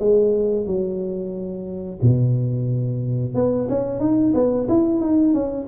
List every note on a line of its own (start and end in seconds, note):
0.00 0.67 G#3
0.67 2.00 F#3
2.02 3.35 B2
3.35 3.68 B3
3.70 4.00 C#4
4.00 4.34 D#4
4.35 4.68 B3
4.69 5.01 E4
5.01 5.34 D#4
5.34 5.68 C#4